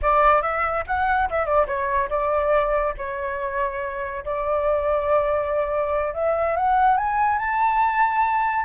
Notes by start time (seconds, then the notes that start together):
0.02 D5
0.42 E5
0.86 F#5
1.30 E5
1.45 D5
1.67 C#5
2.09 D5
2.97 C#5
4.24 D5
6.14 E5
6.56 F#5
6.97 G#5
7.38 A5